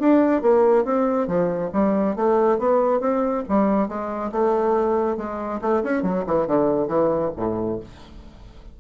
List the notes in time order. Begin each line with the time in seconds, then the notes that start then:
0.00 D4
0.42 A#3
0.85 C4
1.28 F3
1.73 G3
2.16 A3
2.59 B3
3.00 C4
3.49 G3
3.88 G#3
4.32 A3
5.17 G#3
5.62 A3
5.84 C#4
6.03 F#3
6.27 E3
6.47 D3
6.88 E3
7.37 A2